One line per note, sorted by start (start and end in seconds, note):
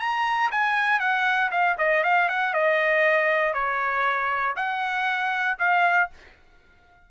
0.00 0.51 A#5
0.52 1.00 G#5
1.00 1.51 F#5
1.52 1.77 F5
1.79 2.04 D#5
2.04 2.29 F5
2.29 2.54 F#5
2.54 3.54 D#5
3.54 4.56 C#5
4.56 5.58 F#5
5.59 6.10 F5